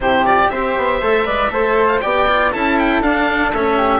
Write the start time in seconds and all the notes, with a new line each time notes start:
0.00 C3 E4 G4 C5
0.25 F4 D5
0.49 C4 G4 C5 E5
0.77 B3
1.01 A3 A4
1.24 G#3 B4 D5
1.49 A3 A4 C5
1.87 F5
2.00 B3 G4 D5 G5
2.27 F4
2.52 C#4 E4 A4 A5
2.78 G5
3.01 D4 F5
3.53 A3 C#4 E5
3.77 G4